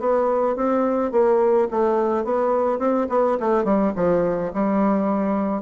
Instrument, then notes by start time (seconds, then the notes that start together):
bassoon
0.00 B3
0.56 C4
1.12 A#3
1.71 A3
2.25 B3
2.79 C4
3.10 B3
3.40 A3
3.65 G3
3.96 F3
4.54 G3